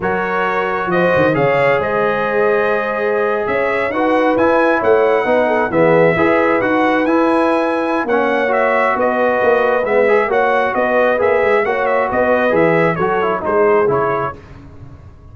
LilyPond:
<<
  \new Staff \with { instrumentName = "trumpet" } { \time 4/4 \tempo 4 = 134 cis''2 dis''4 f''4 | dis''2.~ dis''8. e''16~ | e''8. fis''4 gis''4 fis''4~ fis''16~ | fis''8. e''2 fis''4 gis''16~ |
gis''2 fis''4 e''4 | dis''2 e''4 fis''4 | dis''4 e''4 fis''8 e''8 dis''4 | e''4 cis''4 c''4 cis''4 | }
  \new Staff \with { instrumentName = "horn" } { \time 4/4 ais'2 c''4 cis''4 | c''2.~ c''8. cis''16~ | cis''8. b'2 cis''4 b'16~ | b'16 a'8 gis'4 b'2~ b'16~ |
b'2 cis''2 | b'2. cis''4 | b'2 cis''4 b'4~ | b'4 a'4 gis'2 | }
  \new Staff \with { instrumentName = "trombone" } { \time 4/4 fis'2. gis'4~ | gis'1~ | gis'8. fis'4 e'2 dis'16~ | dis'8. b4 gis'4 fis'4 e'16~ |
e'2 cis'4 fis'4~ | fis'2 b8 gis'8 fis'4~ | fis'4 gis'4 fis'2 | gis'4 fis'8 e'8 dis'4 e'4 | }
  \new Staff \with { instrumentName = "tuba" } { \time 4/4 fis2 f8 dis8 cis4 | gis2.~ gis8. cis'16~ | cis'8. dis'4 e'4 a4 b16~ | b8. e4 e'4 dis'4 e'16~ |
e'2 ais2 | b4 ais4 gis4 ais4 | b4 ais8 gis8 ais4 b4 | e4 fis4 gis4 cis4 | }
>>